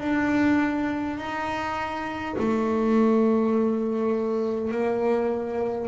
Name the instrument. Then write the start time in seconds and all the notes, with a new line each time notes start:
double bass
0.00 D4
1.18 D#4
2.39 A3
4.71 A#3